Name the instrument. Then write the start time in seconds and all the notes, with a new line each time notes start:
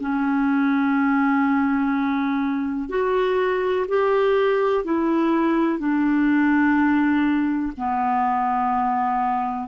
clarinet
0.00 C#4
2.89 F#4
3.88 G4
4.84 E4
5.79 D4
7.77 B3